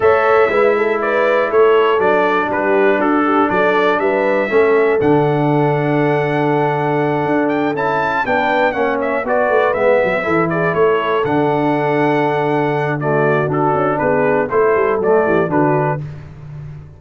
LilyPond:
<<
  \new Staff \with { instrumentName = "trumpet" } { \time 4/4 \tempo 4 = 120 e''2 d''4 cis''4 | d''4 b'4 a'4 d''4 | e''2 fis''2~ | fis''2. g''8 a''8~ |
a''8 g''4 fis''8 e''8 d''4 e''8~ | e''4 d''8 cis''4 fis''4.~ | fis''2 d''4 a'4 | b'4 c''4 d''4 b'4 | }
  \new Staff \with { instrumentName = "horn" } { \time 4/4 cis''4 b'8 a'8 b'4 a'4~ | a'4 g'4 fis'8 g'8 a'4 | b'4 a'2.~ | a'1~ |
a'8 b'4 cis''4 b'4.~ | b'8 a'8 gis'8 a'2~ a'8~ | a'2 fis'2 | gis'4 a'4. g'8 fis'4 | }
  \new Staff \with { instrumentName = "trombone" } { \time 4/4 a'4 e'2. | d'1~ | d'4 cis'4 d'2~ | d'2.~ d'8 e'8~ |
e'8 d'4 cis'4 fis'4 b8~ | b8 e'2 d'4.~ | d'2 a4 d'4~ | d'4 e'4 a4 d'4 | }
  \new Staff \with { instrumentName = "tuba" } { \time 4/4 a4 gis2 a4 | fis4 g4 d'4 fis4 | g4 a4 d2~ | d2~ d8 d'4 cis'8~ |
cis'8 b4 ais4 b8 a8 gis8 | fis8 e4 a4 d4.~ | d2. d'8 cis'8 | b4 a8 g8 fis8 e8 d4 | }
>>